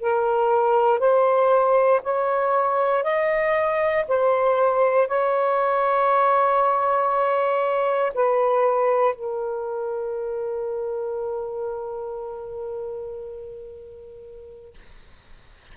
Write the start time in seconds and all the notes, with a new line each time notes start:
0.00 A#4
0.99 C5
2.03 C#5
3.03 D#5
4.08 C5
5.08 C#5
8.14 B4
9.15 A#4